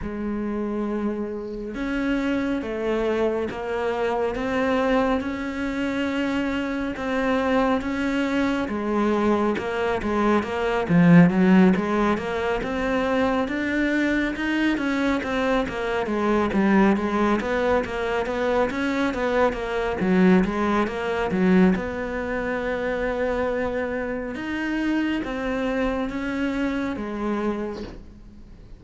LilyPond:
\new Staff \with { instrumentName = "cello" } { \time 4/4 \tempo 4 = 69 gis2 cis'4 a4 | ais4 c'4 cis'2 | c'4 cis'4 gis4 ais8 gis8 | ais8 f8 fis8 gis8 ais8 c'4 d'8~ |
d'8 dis'8 cis'8 c'8 ais8 gis8 g8 gis8 | b8 ais8 b8 cis'8 b8 ais8 fis8 gis8 | ais8 fis8 b2. | dis'4 c'4 cis'4 gis4 | }